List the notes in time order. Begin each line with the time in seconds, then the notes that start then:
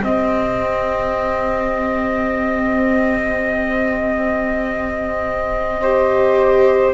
0.00 C4 G4 D#5
5.80 G4 C5